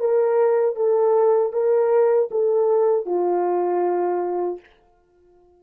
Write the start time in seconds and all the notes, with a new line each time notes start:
0.00 A#4
0.76 A4
1.53 A#4
2.31 A4
3.06 F4